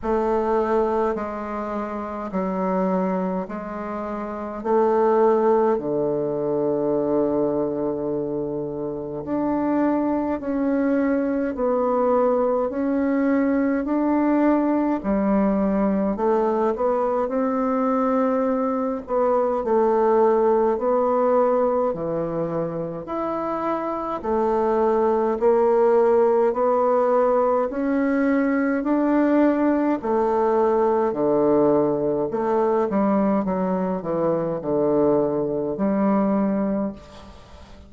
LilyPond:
\new Staff \with { instrumentName = "bassoon" } { \time 4/4 \tempo 4 = 52 a4 gis4 fis4 gis4 | a4 d2. | d'4 cis'4 b4 cis'4 | d'4 g4 a8 b8 c'4~ |
c'8 b8 a4 b4 e4 | e'4 a4 ais4 b4 | cis'4 d'4 a4 d4 | a8 g8 fis8 e8 d4 g4 | }